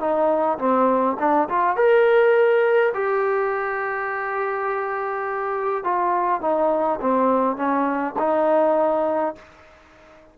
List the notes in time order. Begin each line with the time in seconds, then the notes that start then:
0.00 D#4
0.59 C4
1.19 D4
1.49 F4
1.77 A#4
2.94 G4
5.84 F4
6.42 D#4
7.01 C4
7.56 C#4
8.19 D#4